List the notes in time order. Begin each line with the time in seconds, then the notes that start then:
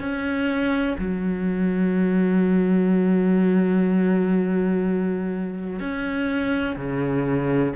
0.00 C#4
0.99 F#3
5.80 C#4
6.77 C#3